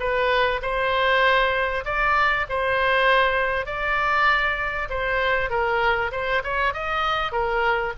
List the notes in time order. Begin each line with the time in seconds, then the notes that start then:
0.00 B4
0.62 C5
1.85 D5
2.49 C5
3.66 D5
4.90 C5
5.50 A#4
6.12 C5
6.44 C#5
6.74 D#5
7.32 A#4